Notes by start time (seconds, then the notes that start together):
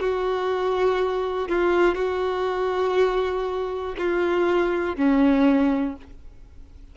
0.00 F#4
1.49 F4
1.95 F#4
3.98 F4
4.96 C#4